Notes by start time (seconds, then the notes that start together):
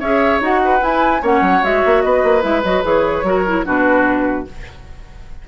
0.00 C#4 G#4 C#5 E5
0.41 D#4 F#4 F#5
0.65 B4
0.80 E4 G#5
1.22 A#3 C#4 C#5 F#5
1.41 F#3
1.63 G#3 F#4 E5
1.86 A#3
2.02 B3 B4 D#5
2.24 A#3
2.42 G#3 E4 E5
2.64 F#3 F#4 D#5
2.83 E3 G#4 C#5
3.23 F#3 F#4 A#4
3.47 E4
3.65 B2 D4 F#4 B4